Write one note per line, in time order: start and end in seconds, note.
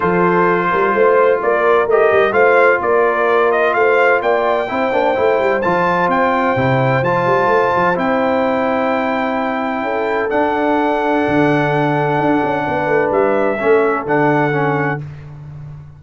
0.00 0.71 F3
0.00 1.88 F4
0.00 0.69 A4
0.00 1.40 C5
0.70 0.93 G3
0.70 0.94 A#4
0.93 1.40 A3
0.93 1.42 C5
1.41 1.86 A#3
1.41 2.33 A#4
1.41 1.88 D5
1.86 2.10 A3
1.86 2.32 G4
1.86 2.32 D#5
2.11 2.31 G3
2.31 2.78 A3
2.31 4.66 F4
2.31 2.80 C5
2.31 2.79 F5
2.81 3.74 A#3
2.81 3.75 A#4
2.81 3.51 D5
3.51 3.73 D#5
3.73 4.21 A3
3.73 4.23 C5
3.73 4.20 F5
4.22 4.69 A#3
4.22 4.69 D5
4.22 5.61 G5
4.68 4.92 C4
4.68 4.92 E4
4.68 9.83 C5
4.92 5.15 A#3
4.92 5.14 D4
5.14 5.38 A3
5.14 5.61 E4
5.38 5.62 G3
5.61 6.07 F3
5.61 6.56 F4
5.61 6.08 A5
6.07 6.54 C4
6.07 7.03 G5
6.56 7.01 C3
6.56 7.03 E4
7.01 7.25 F3
7.01 7.95 F4
7.01 7.97 A5
7.26 7.46 G3
7.46 7.70 A3
7.75 7.97 F3
7.95 9.82 C4
7.95 10.29 E4
7.95 10.30 G5
9.82 10.29 C#4
9.82 12.64 A4
10.29 13.57 D4
10.29 11.25 D4
10.29 13.11 F#5
11.27 12.18 D3
12.18 12.42 D4
12.43 12.67 C#4
12.66 12.87 B3
12.66 13.59 B4
12.87 13.10 A3
13.10 13.57 G3
13.10 14.05 E5
13.59 14.05 A3
13.59 14.06 C#4
13.59 15.03 A4
14.05 14.99 D3
14.05 14.51 D4
14.05 15.01 F#5
14.51 14.98 C#4